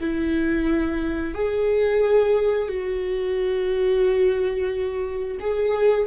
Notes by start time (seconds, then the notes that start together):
0.00 E4
1.34 G#4
2.68 F#4
5.40 G#4